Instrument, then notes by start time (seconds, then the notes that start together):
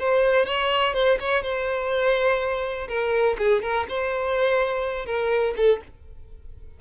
violin
0.00 C5
0.46 C#5
0.94 C5
1.20 C#5
1.43 C5
2.89 A#4
3.38 G#4
3.63 A#4
3.89 C5
5.06 A#4
5.57 A4